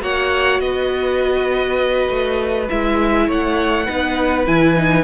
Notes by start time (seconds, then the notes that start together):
0.00 A#3 F#4 C#5 F#5
0.60 B3 B4 D#5
2.10 A3
2.69 G#3 E4 E5
3.27 A3 C#5 F#5
3.86 B3 D#4 B4
4.47 E3 E4 G#5
4.76 D#4